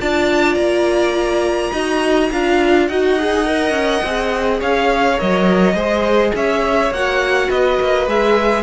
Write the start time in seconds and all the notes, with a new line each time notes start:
0.00 D4 F4 D5 A5
0.55 A#3 A#5
1.72 D#4 F#4 D#5
2.32 D4 F4 F5
2.88 D#4 F#4 D#5 F#5
3.19 G#4
3.46 A#4
3.71 C#4
4.04 C4 G#4
4.60 C#4 C#5 F5
5.18 F#3 A#4 D#5
5.75 G#3 G#4 C5
6.35 C#4 C#5 E5
6.91 A#3 F#4 F#5
7.49 B3 B4 D#5
7.81 A#3
8.07 G#3 G#4 E5